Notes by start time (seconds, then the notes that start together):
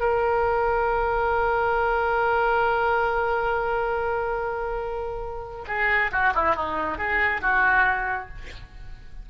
0.00 A#4
5.68 G#4
6.12 F#4
6.34 E4
6.56 D#4
6.98 G#4
7.42 F#4